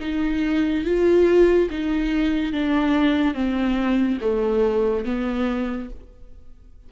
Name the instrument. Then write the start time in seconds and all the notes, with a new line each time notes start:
viola
0.00 D#4
0.84 F4
1.70 D#4
2.52 D4
3.34 C4
4.21 A3
5.05 B3